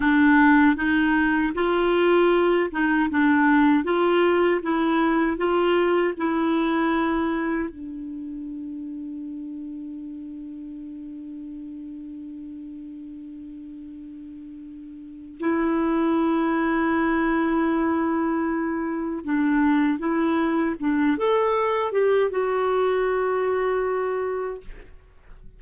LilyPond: \new Staff \with { instrumentName = "clarinet" } { \time 4/4 \tempo 4 = 78 d'4 dis'4 f'4. dis'8 | d'4 f'4 e'4 f'4 | e'2 d'2~ | d'1~ |
d'1 | e'1~ | e'4 d'4 e'4 d'8 a'8~ | a'8 g'8 fis'2. | }